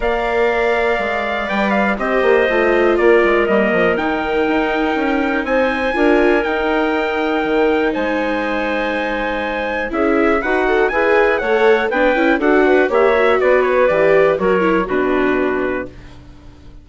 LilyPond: <<
  \new Staff \with { instrumentName = "trumpet" } { \time 4/4 \tempo 4 = 121 f''2. g''8 f''8 | dis''2 d''4 dis''4 | g''2. gis''4~ | gis''4 g''2. |
gis''1 | e''4 fis''4 gis''4 fis''4 | g''4 fis''4 e''4 d''8 cis''8 | d''4 cis''4 b'2 | }
  \new Staff \with { instrumentName = "clarinet" } { \time 4/4 d''1 | c''2 ais'2~ | ais'2. c''4 | ais'1 |
c''1 | gis'4 fis'4 b'4 cis''4 | b'4 a'8 b'8 cis''4 b'4~ | b'4 ais'4 fis'2 | }
  \new Staff \with { instrumentName = "viola" } { \time 4/4 ais'2. b'4 | g'4 f'2 ais4 | dis'1 | f'4 dis'2.~ |
dis'1 | e'4 b'8 a'8 gis'4 a'4 | d'8 e'8 fis'4 g'8 fis'4. | g'4 fis'8 e'8 d'2 | }
  \new Staff \with { instrumentName = "bassoon" } { \time 4/4 ais2 gis4 g4 | c'8 ais8 a4 ais8 gis8 g8 f8 | dis4 dis'4 cis'4 c'4 | d'4 dis'2 dis4 |
gis1 | cis'4 dis'4 e'4 a4 | b8 cis'8 d'4 ais4 b4 | e4 fis4 b,2 | }
>>